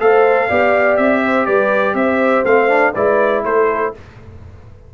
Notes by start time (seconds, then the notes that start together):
0.00 A3 A4 C5 F5
0.48 B3 G4 D5
0.97 C4 E5
1.24 C5
1.46 G3 B4 D5
1.95 C4 C5 E5
2.45 A3 C4 F5
2.69 D4
2.95 G#3 E4 B4 D5
3.45 A3 A4 C5